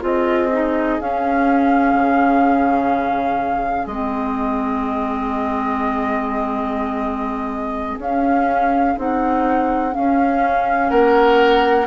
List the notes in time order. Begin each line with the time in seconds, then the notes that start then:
0.00 C4 F4 G#4 D#5
0.53 D#4
1.00 C#4 F5
1.93 C#3
3.86 G#3 C4 D#5
7.98 C#4 F5
8.97 C4 D#4 F#5
9.92 C#4 F5
10.90 A#3 A#4 F#5